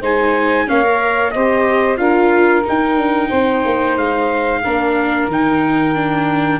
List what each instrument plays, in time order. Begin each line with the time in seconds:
0.00 tuba G#3, viola D#4, saxophone C5, trumpet G#5
0.67 tuba A#3, viola C#4, saxophone C#5, trumpet F5
0.83 viola A#4
1.31 tuba C4, viola G4, saxophone C5, trumpet D#5
1.96 tuba D4, viola F4, saxophone A#4, trumpet F5
2.64 viola D#4, tuba D#4, trumpet G5
2.96 tuba D4
3.29 tuba C4, saxophone C5
3.65 tuba A#3
3.96 tuba G#3, trumpet F5
4.63 tuba A#3, viola D4, saxophone A#4
5.27 tuba D#3, viola D#4, trumpet G5
5.95 viola D4